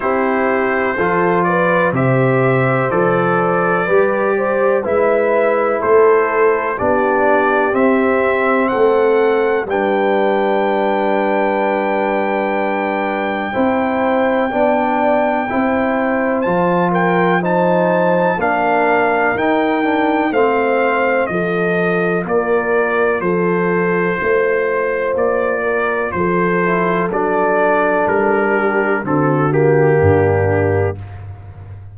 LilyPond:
<<
  \new Staff \with { instrumentName = "trumpet" } { \time 4/4 \tempo 4 = 62 c''4. d''8 e''4 d''4~ | d''4 e''4 c''4 d''4 | e''4 fis''4 g''2~ | g''1~ |
g''4 a''8 g''8 a''4 f''4 | g''4 f''4 dis''4 d''4 | c''2 d''4 c''4 | d''4 ais'4 a'8 g'4. | }
  \new Staff \with { instrumentName = "horn" } { \time 4/4 g'4 a'8 b'8 c''2 | b'8 c''8 b'4 a'4 g'4~ | g'4 a'4 b'2~ | b'2 c''4 d''4 |
c''4. ais'8 c''4 ais'4~ | ais'4 c''4 a'4 ais'4 | a'4 c''4. ais'8 a'4~ | a'4. g'8 fis'4 d'4 | }
  \new Staff \with { instrumentName = "trombone" } { \time 4/4 e'4 f'4 g'4 a'4 | g'4 e'2 d'4 | c'2 d'2~ | d'2 e'4 d'4 |
e'4 f'4 dis'4 d'4 | dis'8 d'8 c'4 f'2~ | f'2.~ f'8 e'8 | d'2 c'8 ais4. | }
  \new Staff \with { instrumentName = "tuba" } { \time 4/4 c'4 f4 c4 f4 | g4 gis4 a4 b4 | c'4 a4 g2~ | g2 c'4 b4 |
c'4 f2 ais4 | dis'4 a4 f4 ais4 | f4 a4 ais4 f4 | fis4 g4 d4 g,4 | }
>>